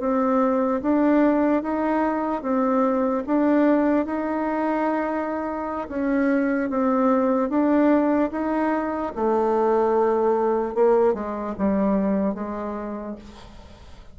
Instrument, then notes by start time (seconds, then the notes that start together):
bassoon
0.00 C4
0.82 D4
1.63 D#4
2.42 C4
3.27 D4
4.06 D#4
5.89 C#4
6.70 C4
7.49 D4
8.31 D#4
9.15 A3
10.75 A#3
11.14 G#3
11.58 G3
12.34 G#3